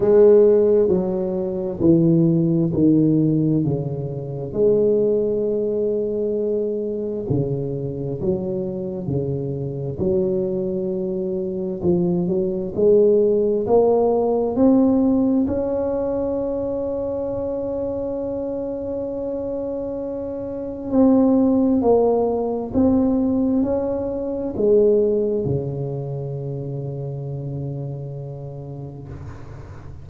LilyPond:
\new Staff \with { instrumentName = "tuba" } { \time 4/4 \tempo 4 = 66 gis4 fis4 e4 dis4 | cis4 gis2. | cis4 fis4 cis4 fis4~ | fis4 f8 fis8 gis4 ais4 |
c'4 cis'2.~ | cis'2. c'4 | ais4 c'4 cis'4 gis4 | cis1 | }